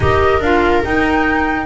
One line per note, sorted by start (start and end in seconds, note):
0.00 0.40 D#4
0.00 0.42 G4
0.00 1.66 A#4
0.00 0.41 D#5
0.40 0.82 D4
0.40 0.84 F4
0.40 0.83 F5
0.84 1.66 D#4
0.84 1.66 G5